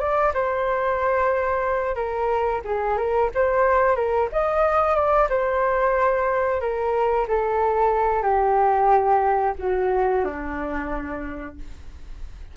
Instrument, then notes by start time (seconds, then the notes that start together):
flute
0.00 D5
0.34 C5
1.96 A#4
2.65 G#4
2.98 A#4
3.35 C5
3.96 A#4
4.32 D#5
4.96 D5
5.30 C5
6.61 A#4
7.28 A4
8.23 G4
9.59 F#4
10.25 D4